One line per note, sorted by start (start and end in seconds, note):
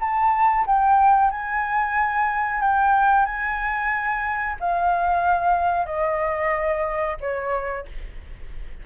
0.00 0.65 A5
0.66 1.31 G5
1.31 2.61 G#5
2.61 3.25 G5
3.25 4.56 G#5
4.60 5.86 F5
5.86 7.17 D#5
7.20 7.86 C#5